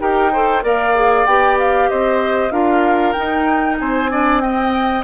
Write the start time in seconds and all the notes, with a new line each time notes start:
0.00 D#4 G4 A#4 G5
0.32 A4 C5
0.62 A#3 A#4 D5 F5
0.95 G#4
1.26 B3 G4 G5
1.59 F5
1.89 C4 C5 D#5
2.51 D4 F4 A#4 F5
3.13 D#4 G5
3.79 C4 C5 G#5
4.10 D4 D5
4.41 C4 D#5 G5